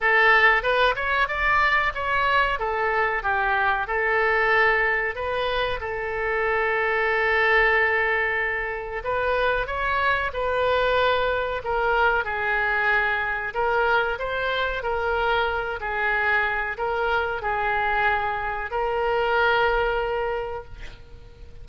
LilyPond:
\new Staff \with { instrumentName = "oboe" } { \time 4/4 \tempo 4 = 93 a'4 b'8 cis''8 d''4 cis''4 | a'4 g'4 a'2 | b'4 a'2.~ | a'2 b'4 cis''4 |
b'2 ais'4 gis'4~ | gis'4 ais'4 c''4 ais'4~ | ais'8 gis'4. ais'4 gis'4~ | gis'4 ais'2. | }